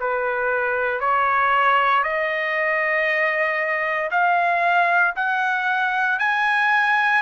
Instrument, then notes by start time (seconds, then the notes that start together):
trumpet
0.00 B4
1.00 C#5
2.03 D#5
4.11 F5
5.16 F#5
6.19 G#5